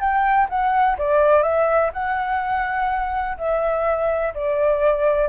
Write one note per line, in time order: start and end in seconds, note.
0.00 0.48 G5
0.49 0.97 F#5
0.98 1.43 D5
1.43 1.91 E5
1.94 3.38 F#5
3.38 4.34 E5
4.34 5.29 D5